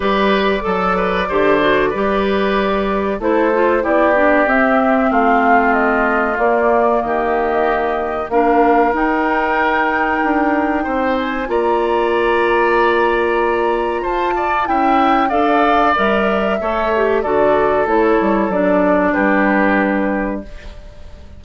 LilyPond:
<<
  \new Staff \with { instrumentName = "flute" } { \time 4/4 \tempo 4 = 94 d''1~ | d''4 c''4 d''4 e''4 | f''4 dis''4 d''4 dis''4~ | dis''4 f''4 g''2~ |
g''4. gis''8 ais''2~ | ais''2 a''4 g''4 | f''4 e''2 d''4 | cis''4 d''4 b'2 | }
  \new Staff \with { instrumentName = "oboe" } { \time 4/4 b'4 a'8 b'8 c''4 b'4~ | b'4 a'4 g'2 | f'2. g'4~ | g'4 ais'2.~ |
ais'4 c''4 d''2~ | d''2 c''8 d''8 e''4 | d''2 cis''4 a'4~ | a'2 g'2 | }
  \new Staff \with { instrumentName = "clarinet" } { \time 4/4 g'4 a'4 g'8 fis'8 g'4~ | g'4 e'8 f'8 e'8 d'8 c'4~ | c'2 ais2~ | ais4 d'4 dis'2~ |
dis'2 f'2~ | f'2. e'4 | a'4 ais'4 a'8 g'8 fis'4 | e'4 d'2. | }
  \new Staff \with { instrumentName = "bassoon" } { \time 4/4 g4 fis4 d4 g4~ | g4 a4 b4 c'4 | a2 ais4 dis4~ | dis4 ais4 dis'2 |
d'4 c'4 ais2~ | ais2 f'4 cis'4 | d'4 g4 a4 d4 | a8 g8 fis4 g2 | }
>>